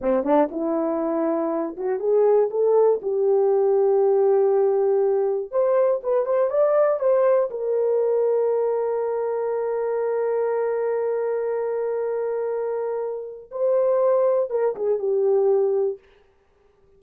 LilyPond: \new Staff \with { instrumentName = "horn" } { \time 4/4 \tempo 4 = 120 c'8 d'8 e'2~ e'8 fis'8 | gis'4 a'4 g'2~ | g'2. c''4 | b'8 c''8 d''4 c''4 ais'4~ |
ais'1~ | ais'1~ | ais'2. c''4~ | c''4 ais'8 gis'8 g'2 | }